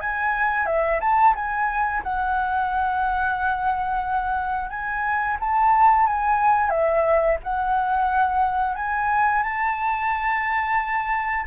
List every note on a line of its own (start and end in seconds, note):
0.00 0.66 G#5
0.66 1.00 E5
1.00 1.34 A5
1.35 2.02 G#5
2.03 4.69 F#5
4.69 5.37 G#5
5.40 6.06 A5
6.06 6.70 G#5
6.70 7.37 E5
7.43 8.75 F#5
8.75 9.43 G#5
9.43 11.45 A5